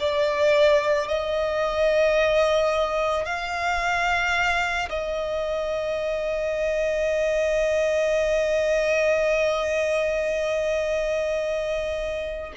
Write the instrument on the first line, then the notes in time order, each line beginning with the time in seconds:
violin
0.00 D5
1.08 D#5
3.25 F5
4.89 D#5